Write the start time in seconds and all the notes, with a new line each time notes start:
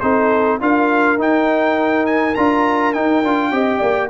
0.00 C4 D#4 A4 C5
0.60 D4 F4 A#4 F5
1.18 D#4 G5
2.06 G#5
2.35 D4 F4 A#5
2.93 D#4 G5
3.23 D4 F4
3.51 C4 G4 D#5
3.79 A#3 D5